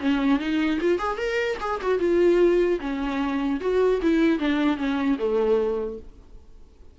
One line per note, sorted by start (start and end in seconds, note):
0.00 0.39 C#4
0.39 0.79 D#4
0.81 0.99 F4
0.99 1.18 G#4
1.18 1.58 A#4
1.61 1.81 G#4
1.82 1.99 F#4
1.99 2.79 F4
2.80 3.60 C#4
3.61 4.01 F#4
4.02 4.39 E4
4.39 4.77 D4
4.77 5.17 C#4
5.19 5.99 A3